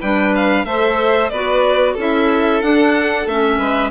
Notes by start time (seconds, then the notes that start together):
0.00 G3 D4 B4 G5
0.35 F5
0.65 A3 A4 C5 E5
1.30 B3 F#4 B4 D5
1.93 C#4 E4 A4
2.01 E5
2.62 D4 F#5
3.26 A3 C#4 E5
3.58 G#3 B4